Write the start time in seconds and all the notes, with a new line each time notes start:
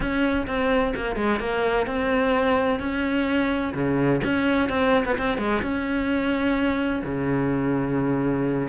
0.00 C#4
0.46 C4
0.95 A#3
1.16 G#3
1.39 A#3
1.86 C4
2.79 C#4
3.74 C#3
4.24 C#4
4.69 C4
5.05 B3
5.18 C4
5.38 G#3
5.61 C#4
7.05 C#3